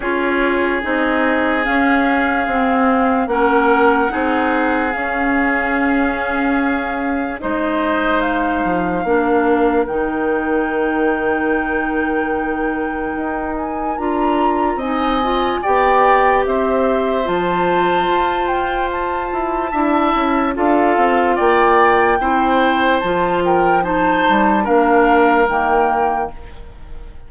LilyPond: <<
  \new Staff \with { instrumentName = "flute" } { \time 4/4 \tempo 4 = 73 cis''4 dis''4 f''2 | fis''2 f''2~ | f''4 dis''4 f''2 | g''1~ |
g''8 gis''8 ais''4 gis''4 g''4 | e''4 a''4. g''8 a''4~ | a''4 f''4 g''2 | a''8 g''8 a''4 f''4 g''4 | }
  \new Staff \with { instrumentName = "oboe" } { \time 4/4 gis'1 | ais'4 gis'2.~ | gis'4 c''2 ais'4~ | ais'1~ |
ais'2 dis''4 d''4 | c''1 | e''4 a'4 d''4 c''4~ | c''8 ais'8 c''4 ais'2 | }
  \new Staff \with { instrumentName = "clarinet" } { \time 4/4 f'4 dis'4 cis'4 c'4 | cis'4 dis'4 cis'2~ | cis'4 dis'2 d'4 | dis'1~ |
dis'4 f'4 dis'8 f'8 g'4~ | g'4 f'2. | e'4 f'2 e'4 | f'4 dis'4 d'4 ais4 | }
  \new Staff \with { instrumentName = "bassoon" } { \time 4/4 cis'4 c'4 cis'4 c'4 | ais4 c'4 cis'2~ | cis'4 gis4. f8 ais4 | dis1 |
dis'4 d'4 c'4 b4 | c'4 f4 f'4. e'8 | d'8 cis'8 d'8 c'8 ais4 c'4 | f4. g8 ais4 dis4 | }
>>